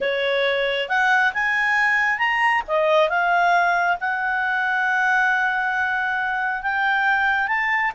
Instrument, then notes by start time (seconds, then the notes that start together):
clarinet
0.00 C#5
0.88 F#5
1.33 G#5
2.18 A#5
2.67 D#5
3.09 F5
4.00 F#5
6.62 G5
7.47 A5